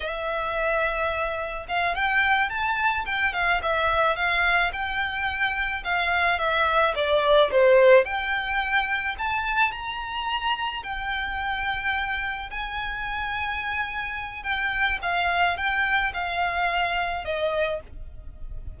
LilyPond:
\new Staff \with { instrumentName = "violin" } { \time 4/4 \tempo 4 = 108 e''2. f''8 g''8~ | g''8 a''4 g''8 f''8 e''4 f''8~ | f''8 g''2 f''4 e''8~ | e''8 d''4 c''4 g''4.~ |
g''8 a''4 ais''2 g''8~ | g''2~ g''8 gis''4.~ | gis''2 g''4 f''4 | g''4 f''2 dis''4 | }